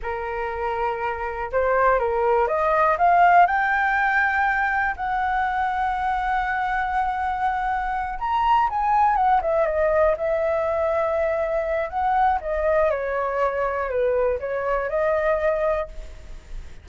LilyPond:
\new Staff \with { instrumentName = "flute" } { \time 4/4 \tempo 4 = 121 ais'2. c''4 | ais'4 dis''4 f''4 g''4~ | g''2 fis''2~ | fis''1~ |
fis''8 ais''4 gis''4 fis''8 e''8 dis''8~ | dis''8 e''2.~ e''8 | fis''4 dis''4 cis''2 | b'4 cis''4 dis''2 | }